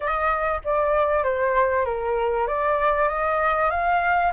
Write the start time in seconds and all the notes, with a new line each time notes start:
0.00 D#5
0.64 D5
1.23 C5
1.85 A#4
2.47 D5
3.08 D#5
3.70 F5